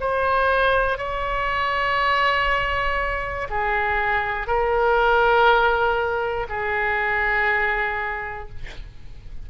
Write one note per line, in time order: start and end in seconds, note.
0.00 0.98 C5
0.98 3.48 C#5
3.50 4.47 G#4
4.47 6.47 A#4
6.49 8.49 G#4